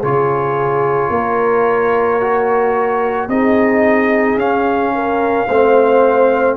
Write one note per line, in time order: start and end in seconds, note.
0.00 1.10 C#3
0.00 2.20 F4
0.00 1.09 G#4
0.00 3.29 C#5
1.10 3.28 A#3
1.10 3.29 A#4
2.20 3.30 F#4
3.28 4.37 C4
3.28 4.38 D#4
3.28 4.94 G#4
3.28 4.38 D#5
4.37 5.46 C#4
4.37 5.47 C#4
4.37 6.57 F5
4.95 5.47 A#4
5.47 6.57 A3
5.47 6.57 C4
5.47 6.56 C5